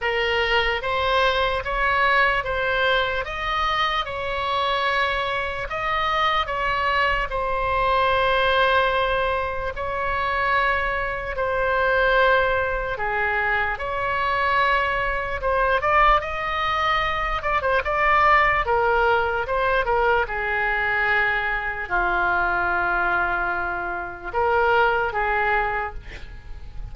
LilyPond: \new Staff \with { instrumentName = "oboe" } { \time 4/4 \tempo 4 = 74 ais'4 c''4 cis''4 c''4 | dis''4 cis''2 dis''4 | cis''4 c''2. | cis''2 c''2 |
gis'4 cis''2 c''8 d''8 | dis''4. d''16 c''16 d''4 ais'4 | c''8 ais'8 gis'2 f'4~ | f'2 ais'4 gis'4 | }